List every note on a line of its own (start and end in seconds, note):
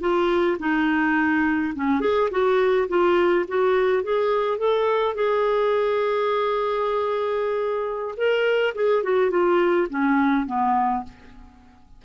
0.00 0.57 F4
0.59 1.73 D#4
1.75 2.01 C#4
2.01 2.29 G#4
2.31 2.88 F#4
2.88 3.45 F4
3.48 4.03 F#4
4.03 4.58 G#4
4.58 5.15 A4
5.15 8.15 G#4
8.17 8.74 A#4
8.75 9.03 G#4
9.03 9.30 F#4
9.30 9.87 F4
9.90 10.46 C#4
10.46 11.03 B3